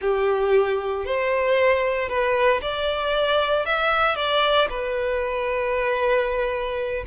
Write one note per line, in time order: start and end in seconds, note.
0.01 1.05 G4
1.05 2.08 C5
2.08 2.61 B4
2.61 3.65 D5
3.65 4.15 E5
4.15 4.67 D5
4.69 7.04 B4